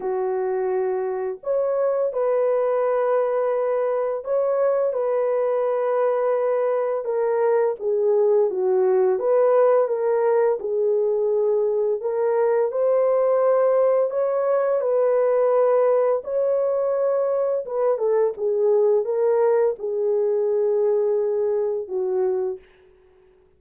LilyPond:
\new Staff \with { instrumentName = "horn" } { \time 4/4 \tempo 4 = 85 fis'2 cis''4 b'4~ | b'2 cis''4 b'4~ | b'2 ais'4 gis'4 | fis'4 b'4 ais'4 gis'4~ |
gis'4 ais'4 c''2 | cis''4 b'2 cis''4~ | cis''4 b'8 a'8 gis'4 ais'4 | gis'2. fis'4 | }